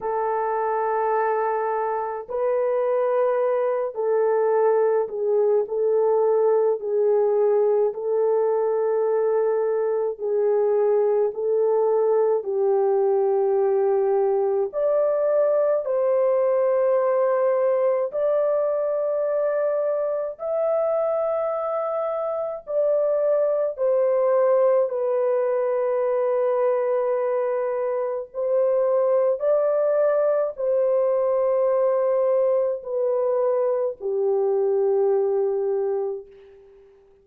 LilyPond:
\new Staff \with { instrumentName = "horn" } { \time 4/4 \tempo 4 = 53 a'2 b'4. a'8~ | a'8 gis'8 a'4 gis'4 a'4~ | a'4 gis'4 a'4 g'4~ | g'4 d''4 c''2 |
d''2 e''2 | d''4 c''4 b'2~ | b'4 c''4 d''4 c''4~ | c''4 b'4 g'2 | }